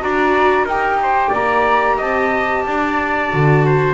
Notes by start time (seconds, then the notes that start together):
0.00 D4 F#4 D5 A#5
0.63 D#4 A#4 G5
0.70 G4
1.02 C5
1.29 A#3 D5 A#5
1.97 C4 D#5 A5
2.66 D4 D5
3.30 D3 F#4
3.66 C5